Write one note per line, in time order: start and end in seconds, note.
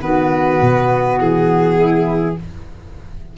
0.00 0.60 D#3
0.00 2.35 B3
0.00 1.76 F#4
0.00 1.19 B4
0.62 1.19 B2
1.19 2.36 E3
1.19 2.37 G#4
1.76 2.35 E4